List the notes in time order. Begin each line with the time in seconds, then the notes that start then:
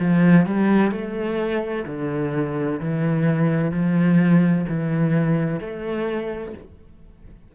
0.00 F3
0.46 G3
0.92 A3
1.86 D3
2.80 E3
3.72 F3
4.69 E3
5.60 A3